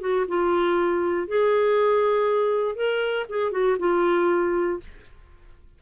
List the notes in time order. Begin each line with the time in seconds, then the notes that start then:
0.00 F#4
0.28 F4
1.27 G#4
2.75 A#4
3.29 G#4
3.51 F#4
3.78 F4